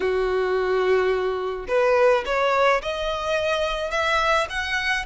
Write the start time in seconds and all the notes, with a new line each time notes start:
0.00 F#4
1.67 B4
2.25 C#5
2.81 D#5
3.90 E5
4.49 F#5